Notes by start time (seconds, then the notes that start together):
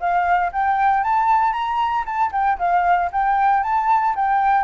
0.00 F5
0.52 G5
1.04 A5
1.53 A#5
2.05 A5
2.32 G5
2.59 F5
3.12 G5
3.63 A5
4.15 G5